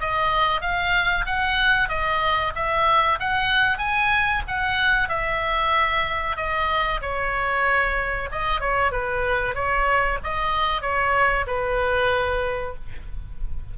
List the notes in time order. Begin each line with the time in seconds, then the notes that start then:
0.00 D#5
0.62 F5
1.26 F#5
1.89 D#5
2.55 E5
3.20 F#5
3.78 G#5
4.48 F#5
5.09 E5
6.37 D#5
7.02 C#5
8.32 D#5
8.61 C#5
8.92 B4
9.55 C#5
10.24 D#5
10.82 C#5
11.47 B4